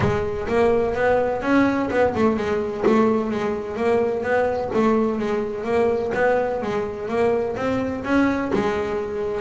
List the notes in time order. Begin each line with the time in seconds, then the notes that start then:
0.00 G#3
0.47 A#3
0.94 B3
1.42 C#4
1.90 B3
2.14 A3
2.36 G#3
2.86 A3
3.30 G#3
3.76 A#3
4.23 B3
4.74 A3
5.18 G#3
5.64 A#3
6.14 B3
6.61 G#3
7.08 A#3
7.56 C4
8.04 C#4
8.53 G#3